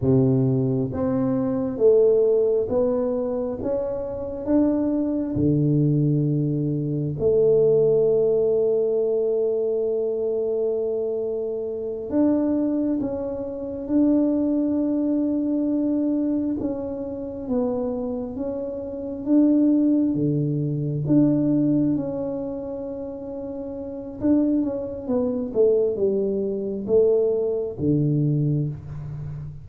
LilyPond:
\new Staff \with { instrumentName = "tuba" } { \time 4/4 \tempo 4 = 67 c4 c'4 a4 b4 | cis'4 d'4 d2 | a1~ | a4. d'4 cis'4 d'8~ |
d'2~ d'8 cis'4 b8~ | b8 cis'4 d'4 d4 d'8~ | d'8 cis'2~ cis'8 d'8 cis'8 | b8 a8 g4 a4 d4 | }